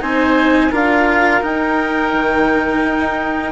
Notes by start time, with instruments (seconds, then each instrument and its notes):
0.00 bassoon C4, cello D#4, oboe C5, clarinet G#5
0.71 bassoon D4, cello F4, oboe A#4, clarinet F5
1.41 cello D#4, bassoon D#4, clarinet G5
2.13 bassoon D#3
2.85 bassoon D#4